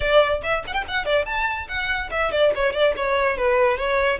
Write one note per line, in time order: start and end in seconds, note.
0.00 0.41 D5
0.43 0.64 E5
0.67 0.73 F#5
0.73 0.84 G5
0.88 1.05 F#5
1.05 1.25 D5
1.25 1.67 A5
1.68 2.10 F#5
2.10 2.31 E5
2.31 2.52 D5
2.55 2.73 C#5
2.73 2.94 D5
2.96 3.37 C#5
3.37 3.77 B4
3.77 4.19 C#5